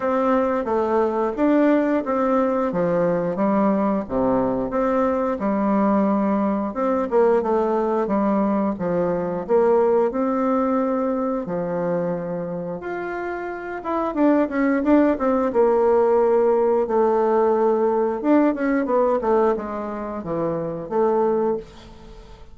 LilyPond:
\new Staff \with { instrumentName = "bassoon" } { \time 4/4 \tempo 4 = 89 c'4 a4 d'4 c'4 | f4 g4 c4 c'4 | g2 c'8 ais8 a4 | g4 f4 ais4 c'4~ |
c'4 f2 f'4~ | f'8 e'8 d'8 cis'8 d'8 c'8 ais4~ | ais4 a2 d'8 cis'8 | b8 a8 gis4 e4 a4 | }